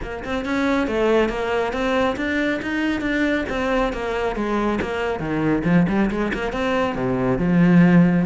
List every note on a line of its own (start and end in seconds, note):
0.02 0.24 A#3
0.24 0.45 C4
0.45 0.87 C#4
0.87 1.29 A3
1.29 1.72 A#3
1.72 2.16 C4
2.16 2.59 D4
2.62 3.00 D#4
3.00 3.44 D4
3.49 3.92 C4
3.92 4.35 A#3
4.35 4.79 G#3
4.81 5.19 A#3
5.19 5.63 D#3
5.64 5.86 F3
5.88 6.10 G3
6.10 6.32 G#3
6.33 6.52 A#3
6.52 6.95 C4
6.95 7.38 C3
7.38 8.25 F3